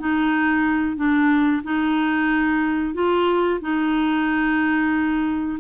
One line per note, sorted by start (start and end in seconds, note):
0.00 0.97 D#4
0.97 1.63 D4
1.64 2.94 D#4
2.94 3.60 F4
3.61 5.59 D#4